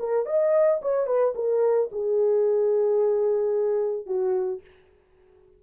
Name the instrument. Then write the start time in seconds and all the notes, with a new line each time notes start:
horn
0.00 A#4
0.27 D#5
0.82 C#5
1.07 B4
1.36 A#4
1.92 G#4
4.07 F#4